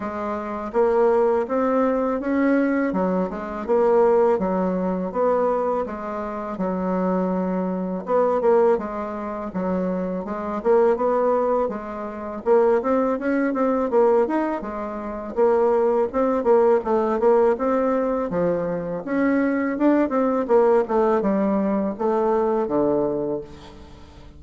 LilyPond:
\new Staff \with { instrumentName = "bassoon" } { \time 4/4 \tempo 4 = 82 gis4 ais4 c'4 cis'4 | fis8 gis8 ais4 fis4 b4 | gis4 fis2 b8 ais8 | gis4 fis4 gis8 ais8 b4 |
gis4 ais8 c'8 cis'8 c'8 ais8 dis'8 | gis4 ais4 c'8 ais8 a8 ais8 | c'4 f4 cis'4 d'8 c'8 | ais8 a8 g4 a4 d4 | }